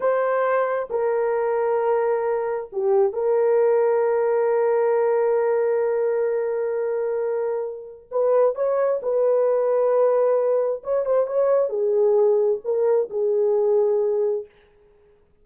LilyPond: \new Staff \with { instrumentName = "horn" } { \time 4/4 \tempo 4 = 133 c''2 ais'2~ | ais'2 g'4 ais'4~ | ais'1~ | ais'1~ |
ais'2 b'4 cis''4 | b'1 | cis''8 c''8 cis''4 gis'2 | ais'4 gis'2. | }